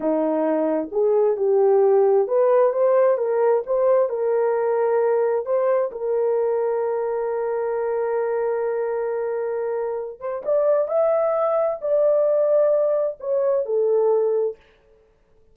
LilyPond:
\new Staff \with { instrumentName = "horn" } { \time 4/4 \tempo 4 = 132 dis'2 gis'4 g'4~ | g'4 b'4 c''4 ais'4 | c''4 ais'2. | c''4 ais'2.~ |
ais'1~ | ais'2~ ais'8 c''8 d''4 | e''2 d''2~ | d''4 cis''4 a'2 | }